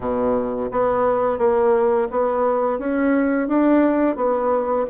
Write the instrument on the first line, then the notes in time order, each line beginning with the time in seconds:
bassoon
0.00 B2
0.71 B3
1.38 A#3
2.10 B3
2.78 C#4
3.48 D4
4.15 B3